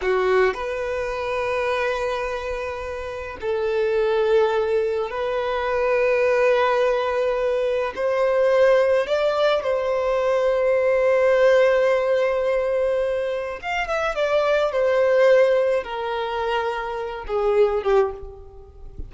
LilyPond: \new Staff \with { instrumentName = "violin" } { \time 4/4 \tempo 4 = 106 fis'4 b'2.~ | b'2 a'2~ | a'4 b'2.~ | b'2 c''2 |
d''4 c''2.~ | c''1 | f''8 e''8 d''4 c''2 | ais'2~ ais'8 gis'4 g'8 | }